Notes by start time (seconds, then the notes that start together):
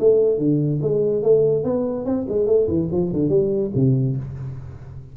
0.00 A3
0.38 D3
0.82 G#3
1.23 A3
1.64 B3
2.05 C4
2.29 G#3
2.47 A3
2.68 E3
2.92 F3
3.13 D3
3.29 G3
3.75 C3